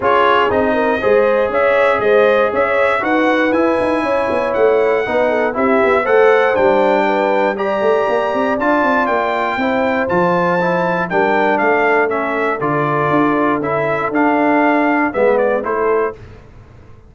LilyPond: <<
  \new Staff \with { instrumentName = "trumpet" } { \time 4/4 \tempo 4 = 119 cis''4 dis''2 e''4 | dis''4 e''4 fis''4 gis''4~ | gis''4 fis''2 e''4 | fis''4 g''2 ais''4~ |
ais''4 a''4 g''2 | a''2 g''4 f''4 | e''4 d''2 e''4 | f''2 e''8 d''8 c''4 | }
  \new Staff \with { instrumentName = "horn" } { \time 4/4 gis'4. ais'8 c''4 cis''4 | c''4 cis''4 b'2 | cis''2 b'8 a'8 g'4 | c''2 b'4 d''4~ |
d''2. c''4~ | c''2 ais'4 a'4~ | a'1~ | a'2 b'4 a'4 | }
  \new Staff \with { instrumentName = "trombone" } { \time 4/4 f'4 dis'4 gis'2~ | gis'2 fis'4 e'4~ | e'2 dis'4 e'4 | a'4 d'2 g'4~ |
g'4 f'2 e'4 | f'4 e'4 d'2 | cis'4 f'2 e'4 | d'2 b4 e'4 | }
  \new Staff \with { instrumentName = "tuba" } { \time 4/4 cis'4 c'4 gis4 cis'4 | gis4 cis'4 dis'4 e'8 dis'8 | cis'8 b8 a4 b4 c'8 b8 | a4 g2~ g8 a8 |
ais8 c'8 d'8 c'8 ais4 c'4 | f2 g4 a4~ | a4 d4 d'4 cis'4 | d'2 gis4 a4 | }
>>